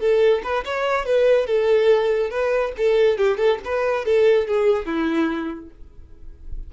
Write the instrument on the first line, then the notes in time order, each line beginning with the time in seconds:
violin
0.00 A4
0.44 B4
0.65 C#5
1.06 B4
1.47 A4
2.30 B4
2.78 A4
3.18 G4
3.38 A4
3.65 B4
4.05 A4
4.48 G#4
4.86 E4